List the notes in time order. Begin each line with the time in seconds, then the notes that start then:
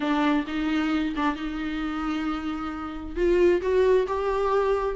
0.00 D4
0.47 D#4
1.15 D4
1.35 D#4
3.16 F4
3.61 F#4
4.07 G4